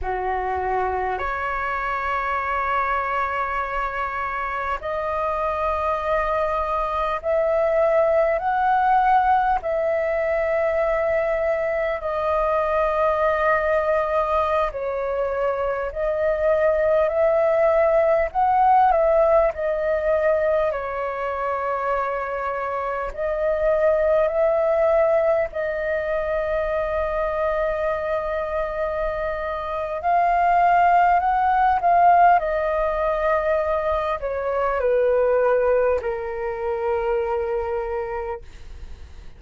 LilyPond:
\new Staff \with { instrumentName = "flute" } { \time 4/4 \tempo 4 = 50 fis'4 cis''2. | dis''2 e''4 fis''4 | e''2 dis''2~ | dis''16 cis''4 dis''4 e''4 fis''8 e''16~ |
e''16 dis''4 cis''2 dis''8.~ | dis''16 e''4 dis''2~ dis''8.~ | dis''4 f''4 fis''8 f''8 dis''4~ | dis''8 cis''8 b'4 ais'2 | }